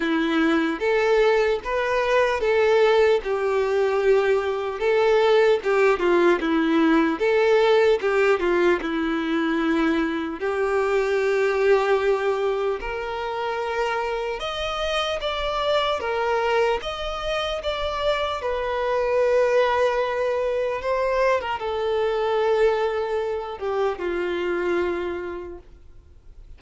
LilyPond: \new Staff \with { instrumentName = "violin" } { \time 4/4 \tempo 4 = 75 e'4 a'4 b'4 a'4 | g'2 a'4 g'8 f'8 | e'4 a'4 g'8 f'8 e'4~ | e'4 g'2. |
ais'2 dis''4 d''4 | ais'4 dis''4 d''4 b'4~ | b'2 c''8. ais'16 a'4~ | a'4. g'8 f'2 | }